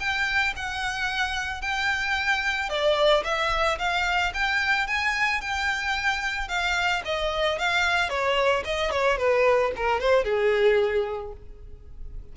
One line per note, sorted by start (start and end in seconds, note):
0.00 0.54 G5
0.57 1.61 F#5
1.61 2.70 G5
2.70 3.24 D5
3.25 3.79 E5
3.79 4.33 F5
4.34 4.87 G5
4.87 5.41 G#5
5.41 6.48 G5
6.48 7.02 F5
7.05 7.59 D#5
7.59 8.10 F5
8.10 8.64 C#5
8.65 8.91 D#5
8.91 9.18 C#5
9.18 9.72 B4
9.76 10.00 A#4
10.00 10.25 C5
10.25 11.33 G#4